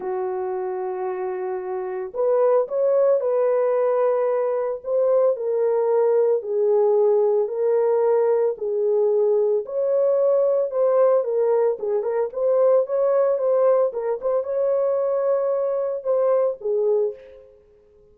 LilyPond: \new Staff \with { instrumentName = "horn" } { \time 4/4 \tempo 4 = 112 fis'1 | b'4 cis''4 b'2~ | b'4 c''4 ais'2 | gis'2 ais'2 |
gis'2 cis''2 | c''4 ais'4 gis'8 ais'8 c''4 | cis''4 c''4 ais'8 c''8 cis''4~ | cis''2 c''4 gis'4 | }